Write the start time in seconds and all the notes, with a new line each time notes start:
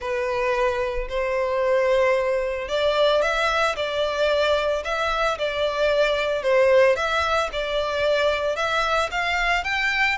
0.00 B4
1.08 C5
2.68 D5
3.22 E5
3.75 D5
4.84 E5
5.38 D5
6.42 C5
6.95 E5
7.52 D5
8.56 E5
9.11 F5
9.64 G5